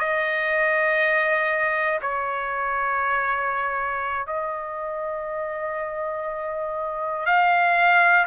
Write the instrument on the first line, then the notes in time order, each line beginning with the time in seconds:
trumpet
0.00 D#5
2.01 C#5
4.26 D#5
7.26 F5